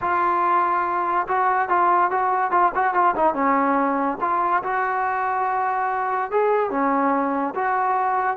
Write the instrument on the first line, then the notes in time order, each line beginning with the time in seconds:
trombone
0.01 F4
1.27 F#4
1.69 F4
2.11 F#4
2.51 F4
2.74 F#4
2.94 F4
3.15 D#4
3.34 C#4
4.21 F4
4.63 F#4
6.31 G#4
6.70 C#4
7.54 F#4